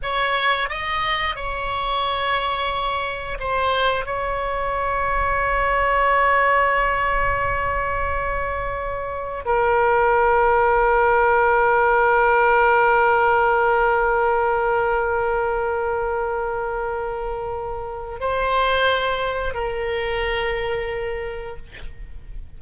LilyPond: \new Staff \with { instrumentName = "oboe" } { \time 4/4 \tempo 4 = 89 cis''4 dis''4 cis''2~ | cis''4 c''4 cis''2~ | cis''1~ | cis''2 ais'2~ |
ais'1~ | ais'1~ | ais'2. c''4~ | c''4 ais'2. | }